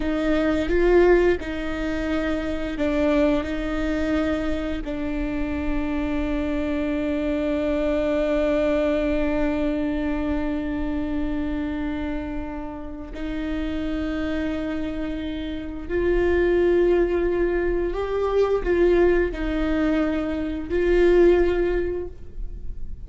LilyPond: \new Staff \with { instrumentName = "viola" } { \time 4/4 \tempo 4 = 87 dis'4 f'4 dis'2 | d'4 dis'2 d'4~ | d'1~ | d'1~ |
d'2. dis'4~ | dis'2. f'4~ | f'2 g'4 f'4 | dis'2 f'2 | }